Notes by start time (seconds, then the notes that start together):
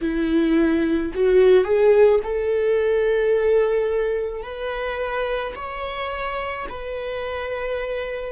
0.01 E4
1.14 F#4
1.64 G#4
2.23 A4
4.42 B4
5.56 C#5
6.69 B4